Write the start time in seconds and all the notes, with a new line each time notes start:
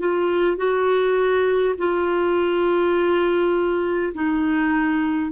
0.00 F4
0.57 F#4
1.78 F4
4.14 D#4